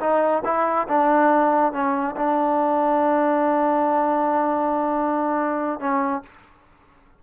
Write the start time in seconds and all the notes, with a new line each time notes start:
0.00 D#4
0.45 E4
0.88 D4
1.73 C#4
2.16 D4
5.80 C#4